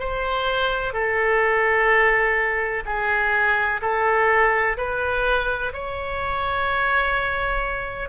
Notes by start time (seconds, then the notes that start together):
0.00 C5
0.94 A4
2.86 G#4
3.82 A4
4.77 B4
5.74 C#5